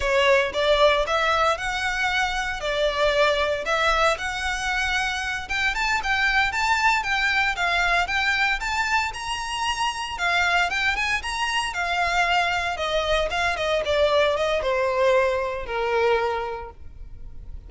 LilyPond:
\new Staff \with { instrumentName = "violin" } { \time 4/4 \tempo 4 = 115 cis''4 d''4 e''4 fis''4~ | fis''4 d''2 e''4 | fis''2~ fis''8 g''8 a''8 g''8~ | g''8 a''4 g''4 f''4 g''8~ |
g''8 a''4 ais''2 f''8~ | f''8 g''8 gis''8 ais''4 f''4.~ | f''8 dis''4 f''8 dis''8 d''4 dis''8 | c''2 ais'2 | }